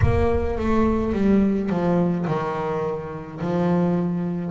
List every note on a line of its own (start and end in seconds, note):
0.02 0.58 A#3
0.58 1.13 A3
1.13 1.69 G3
1.69 2.26 F3
2.26 3.40 D#3
3.40 4.51 F3